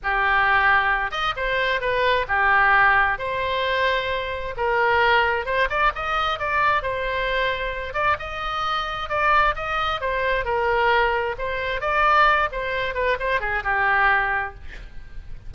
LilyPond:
\new Staff \with { instrumentName = "oboe" } { \time 4/4 \tempo 4 = 132 g'2~ g'8 dis''8 c''4 | b'4 g'2 c''4~ | c''2 ais'2 | c''8 d''8 dis''4 d''4 c''4~ |
c''4. d''8 dis''2 | d''4 dis''4 c''4 ais'4~ | ais'4 c''4 d''4. c''8~ | c''8 b'8 c''8 gis'8 g'2 | }